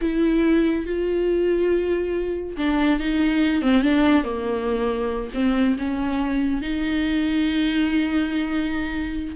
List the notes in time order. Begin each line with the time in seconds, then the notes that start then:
0.01 E4
0.86 F4
2.57 D4
2.99 D#4
3.62 C4
3.82 D4
4.24 A#3
5.34 C4
5.78 C#4
6.61 D#4